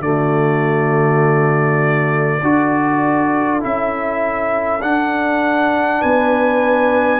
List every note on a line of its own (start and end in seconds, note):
0.00 2.40 D3
0.00 2.41 A3
0.00 2.44 F#4
0.00 3.62 D5
2.42 3.62 D4
2.42 3.60 F#4
2.42 6.01 A4
3.60 4.82 C#4
3.60 4.80 E4
3.60 4.82 E5
4.82 7.20 D4
4.82 6.02 D4
4.82 6.02 F#5
6.01 7.20 B3
6.01 7.20 B4
6.01 7.20 G#5